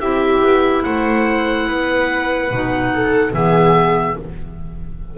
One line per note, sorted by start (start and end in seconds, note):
0.00 0.42 C4
0.00 2.50 E4
0.00 0.83 G4
0.00 0.83 E5
0.42 0.83 B3
0.83 1.68 A3
0.83 1.67 C5
0.83 3.33 F#5
1.67 2.50 B3
1.67 2.92 B4
2.50 3.33 B2
2.50 3.32 D#4
2.93 3.34 A4
3.32 4.16 E3
3.32 4.15 B3
3.32 4.17 G#4
3.32 4.17 E5